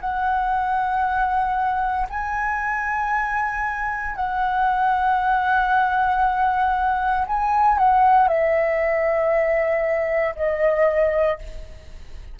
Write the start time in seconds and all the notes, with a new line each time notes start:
0.00 F#5
2.09 G#5
4.15 F#5
7.26 G#5
7.78 F#5
8.28 E5
10.35 D#5